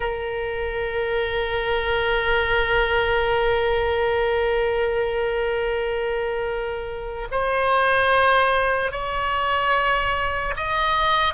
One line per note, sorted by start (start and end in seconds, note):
0.00 7.28 A#4
7.31 8.92 C5
8.92 10.54 C#5
10.56 11.33 D#5